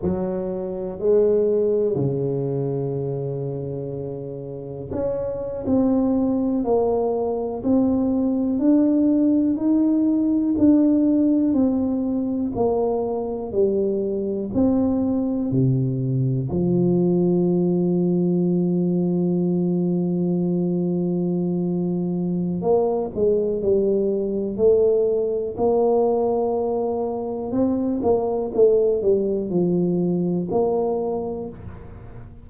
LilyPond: \new Staff \with { instrumentName = "tuba" } { \time 4/4 \tempo 4 = 61 fis4 gis4 cis2~ | cis4 cis'8. c'4 ais4 c'16~ | c'8. d'4 dis'4 d'4 c'16~ | c'8. ais4 g4 c'4 c16~ |
c8. f2.~ f16~ | f2. ais8 gis8 | g4 a4 ais2 | c'8 ais8 a8 g8 f4 ais4 | }